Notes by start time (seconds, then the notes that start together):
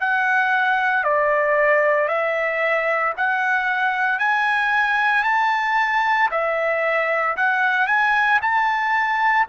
0.00 F#5
1.04 D5
2.08 E5
3.17 F#5
4.19 G#5
5.24 A5
6.31 E5
7.36 F#5
7.87 G#5
8.42 A5